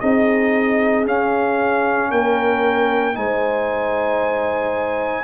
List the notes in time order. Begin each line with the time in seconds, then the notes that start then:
0.00 C4 D#4 G#4 D#5
1.05 C#4 F5
2.10 A#3 A#4 G5
3.14 G#3 D#4 C5 G#5